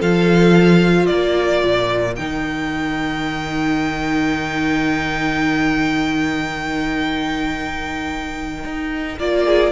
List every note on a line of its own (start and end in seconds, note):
0.00 1.10 F3
0.00 2.17 F4
0.00 1.06 A4
0.00 1.07 F5
1.06 1.64 A#3
1.06 9.44 A#4
1.06 2.15 D5
1.64 2.18 A#2
2.16 8.64 D#3
2.16 9.20 D#4
2.16 9.19 G5
8.64 9.18 D#4
9.19 9.73 A#3
9.19 9.73 F4
9.19 9.73 D5
9.46 9.73 G#4